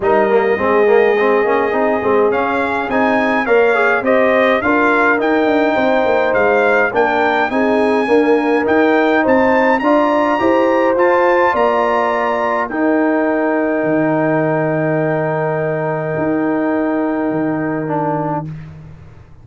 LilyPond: <<
  \new Staff \with { instrumentName = "trumpet" } { \time 4/4 \tempo 4 = 104 dis''1 | f''4 gis''4 f''4 dis''4 | f''4 g''2 f''4 | g''4 gis''2 g''4 |
a''4 ais''2 a''4 | ais''2 g''2~ | g''1~ | g''1 | }
  \new Staff \with { instrumentName = "horn" } { \time 4/4 ais'4 gis'2.~ | gis'2 cis''4 c''4 | ais'2 c''2 | ais'4 gis'4 ais'2 |
c''4 d''4 c''2 | d''2 ais'2~ | ais'1~ | ais'1 | }
  \new Staff \with { instrumentName = "trombone" } { \time 4/4 dis'8 ais8 c'8 ais8 c'8 cis'8 dis'8 c'8 | cis'4 dis'4 ais'8 gis'8 g'4 | f'4 dis'2. | d'4 dis'4 ais4 dis'4~ |
dis'4 f'4 g'4 f'4~ | f'2 dis'2~ | dis'1~ | dis'2. d'4 | }
  \new Staff \with { instrumentName = "tuba" } { \time 4/4 g4 gis4. ais8 c'8 gis8 | cis'4 c'4 ais4 c'4 | d'4 dis'8 d'8 c'8 ais8 gis4 | ais4 c'4 d'4 dis'4 |
c'4 d'4 e'4 f'4 | ais2 dis'2 | dis1 | dis'2 dis2 | }
>>